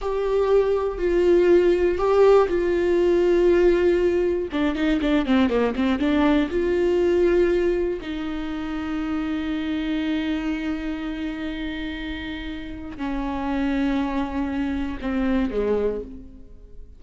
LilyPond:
\new Staff \with { instrumentName = "viola" } { \time 4/4 \tempo 4 = 120 g'2 f'2 | g'4 f'2.~ | f'4 d'8 dis'8 d'8 c'8 ais8 c'8 | d'4 f'2. |
dis'1~ | dis'1~ | dis'2 cis'2~ | cis'2 c'4 gis4 | }